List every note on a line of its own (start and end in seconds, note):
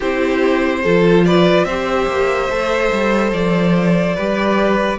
0.00 0.84 C4
0.00 0.85 E4
0.00 0.78 G4
0.00 1.25 C5
0.83 1.64 F3
0.83 1.69 F4
0.83 1.24 A4
1.25 1.66 B4
1.25 1.64 D5
1.64 2.06 C4
1.64 2.50 G4
1.64 4.15 C5
1.64 3.31 E5
2.07 2.49 A#3
2.49 2.91 A3
2.49 4.17 A4
2.92 3.32 G3
3.32 4.15 F3
3.32 4.98 D5
4.15 4.98 G3
4.15 4.98 G4
4.15 4.98 B4